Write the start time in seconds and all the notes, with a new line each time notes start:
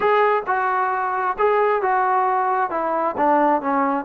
0.00 G#4
0.46 F#4
1.38 G#4
1.82 F#4
2.70 E4
3.17 D4
3.61 C#4